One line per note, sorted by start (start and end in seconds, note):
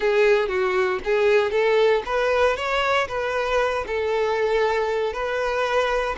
0.00 0.48 G#4
0.48 0.99 F#4
1.04 1.51 G#4
1.51 2.02 A4
2.05 2.56 B4
2.56 3.07 C#5
3.08 3.85 B4
3.86 5.13 A4
5.13 6.15 B4